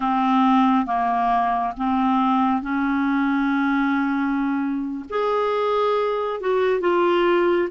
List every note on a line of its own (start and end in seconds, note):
0.00 0.85 C4
0.85 1.74 A#3
1.77 2.61 C4
2.61 5.04 C#4
5.09 6.40 G#4
6.40 6.80 F#4
6.80 7.68 F4